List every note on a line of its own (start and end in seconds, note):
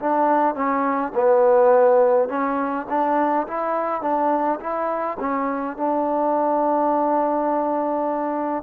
0.00 0.55 D4
0.55 1.12 C#4
1.15 2.29 B3
2.29 2.86 C#4
2.89 3.47 D4
3.48 4.02 E4
4.02 4.59 D4
4.60 5.18 E4
5.20 5.77 C#4
5.77 8.63 D4